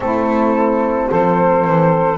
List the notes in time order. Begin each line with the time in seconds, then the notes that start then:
0.00 A3 C4 E4 A4
1.09 F3 A4 C5
1.64 E3